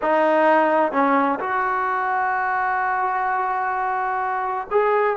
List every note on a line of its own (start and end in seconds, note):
0.02 0.92 D#4
0.92 1.38 C#4
1.39 4.67 F#4
4.70 5.16 G#4